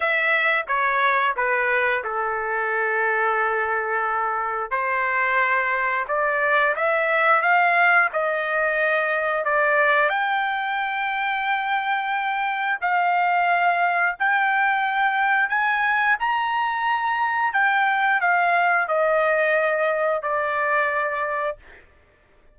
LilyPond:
\new Staff \with { instrumentName = "trumpet" } { \time 4/4 \tempo 4 = 89 e''4 cis''4 b'4 a'4~ | a'2. c''4~ | c''4 d''4 e''4 f''4 | dis''2 d''4 g''4~ |
g''2. f''4~ | f''4 g''2 gis''4 | ais''2 g''4 f''4 | dis''2 d''2 | }